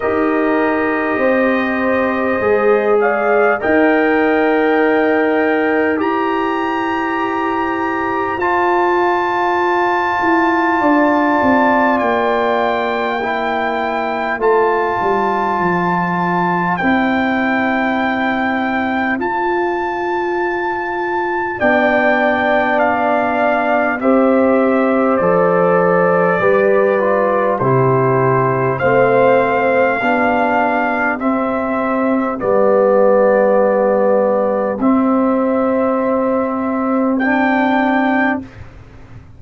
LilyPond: <<
  \new Staff \with { instrumentName = "trumpet" } { \time 4/4 \tempo 4 = 50 dis''2~ dis''8 f''8 g''4~ | g''4 ais''2 a''4~ | a''2 g''2 | a''2 g''2 |
a''2 g''4 f''4 | e''4 d''2 c''4 | f''2 e''4 d''4~ | d''4 e''2 g''4 | }
  \new Staff \with { instrumentName = "horn" } { \time 4/4 ais'4 c''4. d''8 dis''4~ | dis''4 c''2.~ | c''4 d''2 c''4~ | c''1~ |
c''2 d''2 | c''2 b'4 g'4 | c''4 g'2.~ | g'1 | }
  \new Staff \with { instrumentName = "trombone" } { \time 4/4 g'2 gis'4 ais'4~ | ais'4 g'2 f'4~ | f'2. e'4 | f'2 e'2 |
f'2 d'2 | g'4 a'4 g'8 f'8 e'4 | c'4 d'4 c'4 b4~ | b4 c'2 d'4 | }
  \new Staff \with { instrumentName = "tuba" } { \time 4/4 dis'4 c'4 gis4 dis'4~ | dis'4 e'2 f'4~ | f'8 e'8 d'8 c'8 ais2 | a8 g8 f4 c'2 |
f'2 b2 | c'4 f4 g4 c4 | a4 b4 c'4 g4~ | g4 c'2. | }
>>